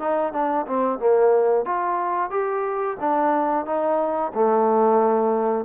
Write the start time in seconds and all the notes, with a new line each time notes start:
0.00 D#4
0.33 D4
0.67 C4
1.00 A#3
1.65 F4
2.31 G4
3.00 D4
3.66 D#4
4.35 A3